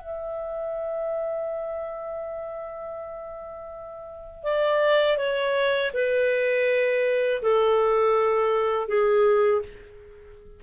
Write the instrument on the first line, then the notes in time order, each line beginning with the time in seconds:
clarinet
0.00 E5
4.43 D5
5.17 C#5
5.94 B4
7.42 A4
8.88 G#4